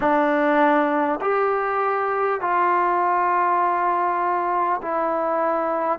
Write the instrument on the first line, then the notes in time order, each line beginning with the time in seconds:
trombone
0.00 D4
1.21 G4
2.40 F4
4.82 E4